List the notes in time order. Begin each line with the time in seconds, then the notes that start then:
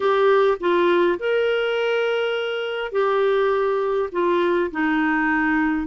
0.00 G4
0.60 F4
1.19 A#4
2.91 G4
4.12 F4
4.71 D#4